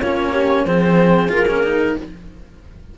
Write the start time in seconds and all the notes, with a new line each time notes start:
0.00 A#3 C#4 F4 C#5
0.32 G4
0.65 F3 C4 G#4 C5
1.29 A#3 F4 A#4
1.49 C#4
1.64 D#4